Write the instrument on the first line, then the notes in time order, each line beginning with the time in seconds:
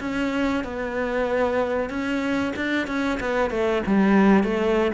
cello
0.00 C#4
0.64 B3
1.89 C#4
2.56 D4
2.88 C#4
3.20 B3
3.50 A3
3.86 G3
4.44 A3